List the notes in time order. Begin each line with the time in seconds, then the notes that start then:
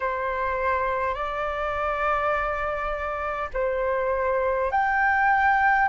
0.00 C5
1.14 D5
3.53 C5
4.71 G5